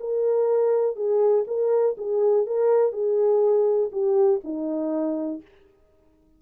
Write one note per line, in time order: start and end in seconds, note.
0.00 0.96 A#4
0.96 1.45 G#4
1.47 1.96 A#4
1.97 2.46 G#4
2.46 2.92 A#4
2.92 3.90 G#4
3.92 4.41 G4
4.44 5.41 D#4